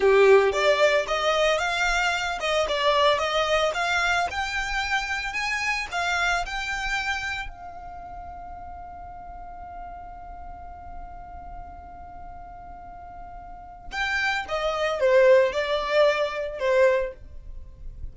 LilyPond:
\new Staff \with { instrumentName = "violin" } { \time 4/4 \tempo 4 = 112 g'4 d''4 dis''4 f''4~ | f''8 dis''8 d''4 dis''4 f''4 | g''2 gis''4 f''4 | g''2 f''2~ |
f''1~ | f''1~ | f''2 g''4 dis''4 | c''4 d''2 c''4 | }